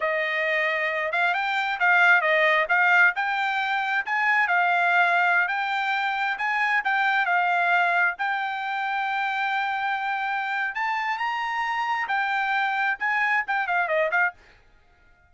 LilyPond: \new Staff \with { instrumentName = "trumpet" } { \time 4/4 \tempo 4 = 134 dis''2~ dis''8 f''8 g''4 | f''4 dis''4 f''4 g''4~ | g''4 gis''4 f''2~ | f''16 g''2 gis''4 g''8.~ |
g''16 f''2 g''4.~ g''16~ | g''1 | a''4 ais''2 g''4~ | g''4 gis''4 g''8 f''8 dis''8 f''8 | }